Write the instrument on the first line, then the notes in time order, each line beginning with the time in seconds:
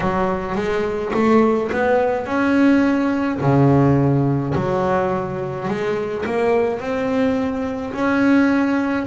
double bass
0.00 F#3
0.55 G#3
1.13 A3
1.71 B3
2.25 C#4
3.40 C#3
4.54 F#3
5.68 G#3
6.25 A#3
6.79 C4
7.93 C#4